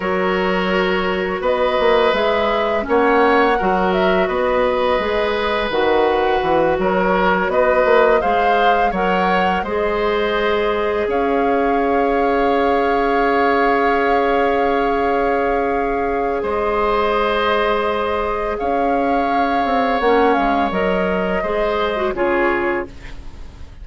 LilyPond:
<<
  \new Staff \with { instrumentName = "flute" } { \time 4/4 \tempo 4 = 84 cis''2 dis''4 e''4 | fis''4. e''8 dis''2 | fis''4. cis''4 dis''4 f''8~ | f''8 fis''4 dis''2 f''8~ |
f''1~ | f''2. dis''4~ | dis''2 f''2 | fis''8 f''8 dis''2 cis''4 | }
  \new Staff \with { instrumentName = "oboe" } { \time 4/4 ais'2 b'2 | cis''4 ais'4 b'2~ | b'4. ais'4 b'4 c''8~ | c''8 cis''4 c''2 cis''8~ |
cis''1~ | cis''2. c''4~ | c''2 cis''2~ | cis''2 c''4 gis'4 | }
  \new Staff \with { instrumentName = "clarinet" } { \time 4/4 fis'2. gis'4 | cis'4 fis'2 gis'4 | fis'2.~ fis'8 gis'8~ | gis'8 ais'4 gis'2~ gis'8~ |
gis'1~ | gis'1~ | gis'1 | cis'4 ais'4 gis'8. fis'16 f'4 | }
  \new Staff \with { instrumentName = "bassoon" } { \time 4/4 fis2 b8 ais8 gis4 | ais4 fis4 b4 gis4 | dis4 e8 fis4 b8 ais8 gis8~ | gis8 fis4 gis2 cis'8~ |
cis'1~ | cis'2. gis4~ | gis2 cis'4. c'8 | ais8 gis8 fis4 gis4 cis4 | }
>>